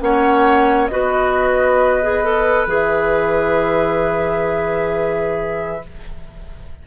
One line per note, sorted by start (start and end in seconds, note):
0.00 0.90 A#3
0.00 0.90 C#4
0.00 0.92 C#5
0.00 0.87 F#5
0.87 2.67 B3
0.87 2.03 F#4
0.87 5.84 B4
0.87 2.67 D#5
2.03 2.24 G#4
2.24 2.68 A4
2.67 5.80 E3
2.67 5.82 G#4
2.74 5.87 E5